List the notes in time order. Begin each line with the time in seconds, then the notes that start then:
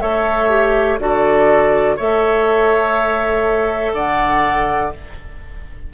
0.00 A3 A4 C#5 E5
0.49 G4
0.98 D3 F#4 A4 D5
1.96 A3 A4 C#5 E5
3.93 D3 D5 F#5